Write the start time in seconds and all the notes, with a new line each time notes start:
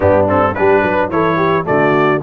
0.00 G2 B3 D4 G4
0.27 C4 A4
0.54 G3 D4 G4 B4
0.82 F#3 B4
1.09 E3 E4 A4 C#5
1.36 G4
1.64 D3 A3 F#4 D5